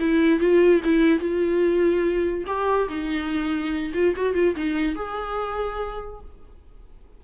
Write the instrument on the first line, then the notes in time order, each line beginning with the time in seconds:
viola
0.00 E4
0.40 F4
0.84 E4
1.20 F4
2.47 G4
2.89 D#4
3.94 F4
4.17 F#4
4.34 F4
4.56 D#4
4.96 G#4